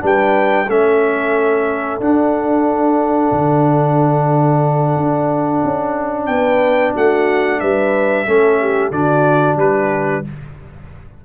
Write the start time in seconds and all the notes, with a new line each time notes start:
0.00 G3 D4 B4 G5
0.68 A3 C#4 A4 E5
2.00 D4 F#5
3.32 D3
4.97 D4
5.64 C#4
6.26 B3 B4 G5
6.94 A3 F#4 F#5
7.60 G3 B4 E5
8.27 A3 C#4 A4
8.61 G4
8.91 D3 D4 F#4 D5
9.57 G3 G4 B4